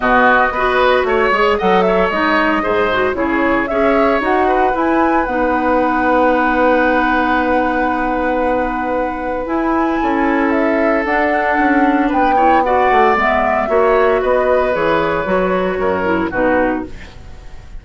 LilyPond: <<
  \new Staff \with { instrumentName = "flute" } { \time 4/4 \tempo 4 = 114 dis''2 cis''4 fis''8 e''8 | dis''2 cis''4 e''4 | fis''4 gis''4 fis''2~ | fis''1~ |
fis''2 gis''2 | e''4 fis''2 g''4 | fis''4 e''2 dis''4 | cis''2. b'4 | }
  \new Staff \with { instrumentName = "oboe" } { \time 4/4 fis'4 b'4 cis''4 dis''8 cis''8~ | cis''4 c''4 gis'4 cis''4~ | cis''8 b'2.~ b'8~ | b'1~ |
b'2. a'4~ | a'2. b'8 cis''8 | d''2 cis''4 b'4~ | b'2 ais'4 fis'4 | }
  \new Staff \with { instrumentName = "clarinet" } { \time 4/4 b4 fis'4. gis'8 a'4 | dis'4 gis'8 fis'8 e'4 gis'4 | fis'4 e'4 dis'2~ | dis'1~ |
dis'2 e'2~ | e'4 d'2~ d'8 e'8 | fis'4 b4 fis'2 | gis'4 fis'4. e'8 dis'4 | }
  \new Staff \with { instrumentName = "bassoon" } { \time 4/4 b,4 b4 a8 gis8 fis4 | gis4 gis,4 cis4 cis'4 | dis'4 e'4 b2~ | b1~ |
b2 e'4 cis'4~ | cis'4 d'4 cis'4 b4~ | b8 a8 gis4 ais4 b4 | e4 fis4 fis,4 b,4 | }
>>